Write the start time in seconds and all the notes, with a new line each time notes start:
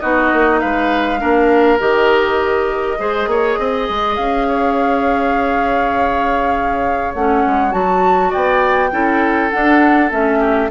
0.00 B3 D#4 F#4 D#5
0.33 A#3
0.59 G#3 B4 F5
1.19 A#3 D4 A#4
1.79 D#3 G4 D#5
2.98 G#3 G#4 C5
3.27 A#3 C#5
3.59 C4 D#5
3.89 G#3
4.16 C#4 F5
4.48 C#5
7.14 A3 C#4 F#5
7.46 G#3
7.71 F#3 F#4 A5
8.30 B3 D5 G5
8.91 C#4 E4 A4
9.51 D4 F#5
10.10 A3 C#4 E5
10.39 G4